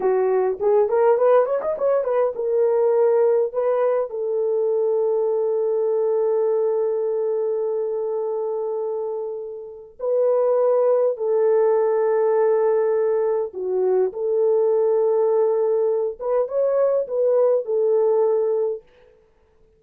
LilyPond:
\new Staff \with { instrumentName = "horn" } { \time 4/4 \tempo 4 = 102 fis'4 gis'8 ais'8 b'8 cis''16 dis''16 cis''8 b'8 | ais'2 b'4 a'4~ | a'1~ | a'1~ |
a'4 b'2 a'4~ | a'2. fis'4 | a'2.~ a'8 b'8 | cis''4 b'4 a'2 | }